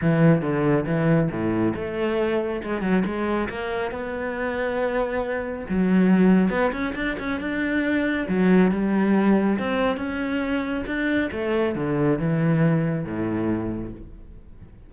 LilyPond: \new Staff \with { instrumentName = "cello" } { \time 4/4 \tempo 4 = 138 e4 d4 e4 a,4 | a2 gis8 fis8 gis4 | ais4 b2.~ | b4 fis2 b8 cis'8 |
d'8 cis'8 d'2 fis4 | g2 c'4 cis'4~ | cis'4 d'4 a4 d4 | e2 a,2 | }